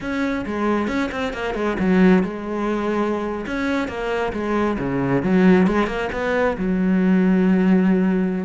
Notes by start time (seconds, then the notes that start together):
0.00 C#4
0.45 G#3
0.87 C#4
1.11 C4
1.33 A#3
1.54 G#3
1.79 F#3
2.23 G#3
3.46 C#4
3.88 A#3
4.33 G#3
4.78 C#3
5.22 F#3
5.67 G#3
5.86 A#3
6.12 B3
6.57 F#3